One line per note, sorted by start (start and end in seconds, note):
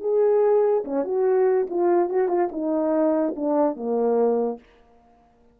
0.00 0.83 G#4
0.84 1.04 C#4
1.04 1.66 F#4
1.69 2.09 F4
2.09 2.28 F#4
2.28 2.49 F4
2.51 3.35 D#4
3.35 3.76 D4
3.76 4.59 A#3